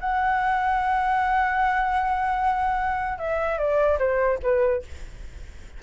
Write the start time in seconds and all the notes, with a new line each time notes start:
0.00 F#5
3.18 E5
3.58 D5
3.99 C5
4.43 B4